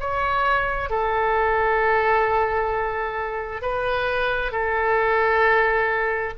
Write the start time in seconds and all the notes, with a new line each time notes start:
0.00 C#5
0.90 A4
3.62 B4
4.52 A4